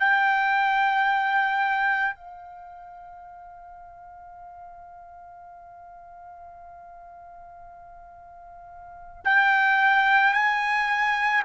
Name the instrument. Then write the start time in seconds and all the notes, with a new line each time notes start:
trumpet
0.00 G5
2.16 F5
9.25 G5
10.34 G#5